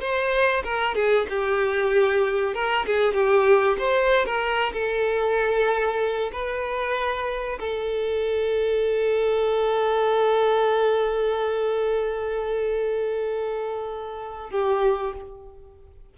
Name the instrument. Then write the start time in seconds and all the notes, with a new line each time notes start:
violin
0.00 C5
0.64 A#4
0.95 G#4
1.29 G4
2.54 A#4
2.86 G#4
3.13 G4
3.79 C5
4.25 A#4
4.73 A4
6.32 B4
7.60 A4
14.50 G4